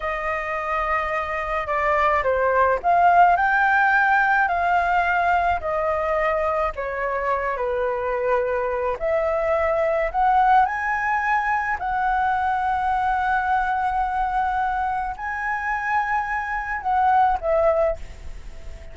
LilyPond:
\new Staff \with { instrumentName = "flute" } { \time 4/4 \tempo 4 = 107 dis''2. d''4 | c''4 f''4 g''2 | f''2 dis''2 | cis''4. b'2~ b'8 |
e''2 fis''4 gis''4~ | gis''4 fis''2.~ | fis''2. gis''4~ | gis''2 fis''4 e''4 | }